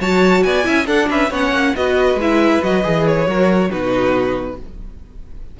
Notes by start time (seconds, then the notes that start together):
0.00 F#3 F#4 C#5 A5
0.43 B3 D5 G#5
0.63 C#4 E4 E5
0.85 D4 A4 F#5
1.09 C#4 B4 E5
1.30 B3 C#4 C#5 F#5
1.51 A#3
1.76 B3 F#4 B4 D#5
2.15 G#3 E4
2.21 E5
2.63 F#3 F#4 D#5
2.83 E3 G#4
3.07 C#5
3.27 F#3 F#4 A#4
3.70 B2 D#4 F#4 B4